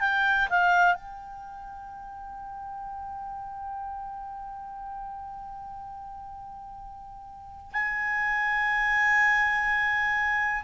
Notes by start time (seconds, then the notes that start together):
0.00 G5
0.49 F5
0.94 G5
7.72 G#5